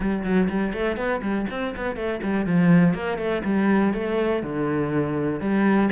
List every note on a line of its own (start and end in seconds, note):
0.00 0.23 G3
0.23 0.48 F#3
0.49 0.73 G3
0.73 0.96 A3
0.96 1.21 B3
1.22 1.46 G3
1.50 1.75 C4
1.76 1.96 B3
1.96 2.20 A3
2.22 2.46 G3
2.46 2.94 F3
2.94 3.17 A#3
3.17 3.42 A3
3.44 3.93 G3
3.93 4.42 A3
4.42 5.40 D3
5.40 5.89 G3